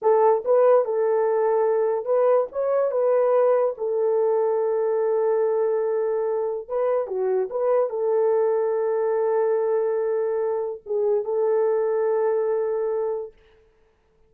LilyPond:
\new Staff \with { instrumentName = "horn" } { \time 4/4 \tempo 4 = 144 a'4 b'4 a'2~ | a'4 b'4 cis''4 b'4~ | b'4 a'2.~ | a'1 |
b'4 fis'4 b'4 a'4~ | a'1~ | a'2 gis'4 a'4~ | a'1 | }